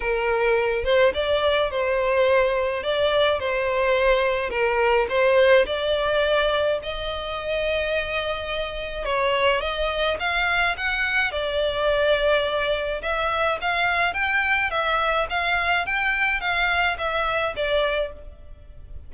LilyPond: \new Staff \with { instrumentName = "violin" } { \time 4/4 \tempo 4 = 106 ais'4. c''8 d''4 c''4~ | c''4 d''4 c''2 | ais'4 c''4 d''2 | dis''1 |
cis''4 dis''4 f''4 fis''4 | d''2. e''4 | f''4 g''4 e''4 f''4 | g''4 f''4 e''4 d''4 | }